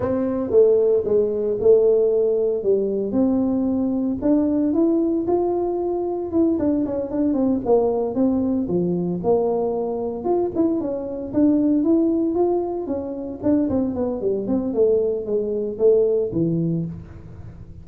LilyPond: \new Staff \with { instrumentName = "tuba" } { \time 4/4 \tempo 4 = 114 c'4 a4 gis4 a4~ | a4 g4 c'2 | d'4 e'4 f'2 | e'8 d'8 cis'8 d'8 c'8 ais4 c'8~ |
c'8 f4 ais2 f'8 | e'8 cis'4 d'4 e'4 f'8~ | f'8 cis'4 d'8 c'8 b8 g8 c'8 | a4 gis4 a4 e4 | }